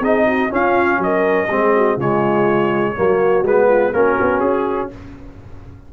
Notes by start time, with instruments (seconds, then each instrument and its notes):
0.00 tuba C4, trombone D#4, horn G#4, trumpet D#5
0.26 horn F#4
0.49 trombone C#4, tuba C#4, horn F4, trumpet F5
0.98 tuba F#3, horn A#4, trumpet D#5
1.48 tuba G#3, trombone C4, horn G#4
1.75 horn F#4
1.96 tuba C#3, trombone G#3, horn F4, trumpet C#5
2.95 tuba F#3, trombone A#3, horn F#4
3.43 tuba G#3, trombone B3, trumpet B4
3.68 horn F4
3.93 tuba A#3, trombone C#4, horn F#4, trumpet A#4
4.21 tuba B3
4.40 tuba C#4, trumpet G#4